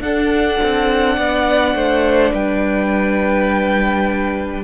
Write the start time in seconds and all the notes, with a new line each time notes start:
0.00 D4 A4 F#5
0.63 C4
1.16 B3 D5
1.75 A3 C5
2.33 G3 B4 G5